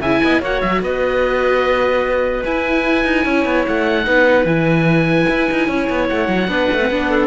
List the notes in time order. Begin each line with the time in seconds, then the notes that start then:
0.00 C#3 E4 E5 G#5
0.23 B3 D#5
0.40 A#3 F#4 C#5 F#5
0.61 F#3 E5
0.81 B3 B4 D#5
2.45 E4 G#5
3.04 D#4
3.25 C#4 C#5
3.45 B3
3.67 A3 F#5
4.03 B3 D#4 B4
4.44 E3 E4 G#5
5.29 E4
5.50 D#4
5.68 C#4 C#5
5.89 B3
6.09 A3 F#5
6.28 F#3
6.47 B3 D4 B4
6.72 A3
6.81 C4
6.90 B3 D4
7.09 A4